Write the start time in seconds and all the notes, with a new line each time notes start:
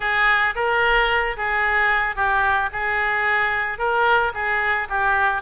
0.00 G#4
0.55 A#4
1.36 G#4
2.15 G4
2.72 G#4
3.78 A#4
4.33 G#4
4.89 G4